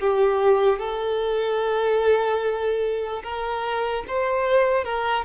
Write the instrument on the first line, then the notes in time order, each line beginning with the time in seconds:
violin
0.00 G4
0.79 A4
3.23 A#4
4.08 C5
4.84 A#4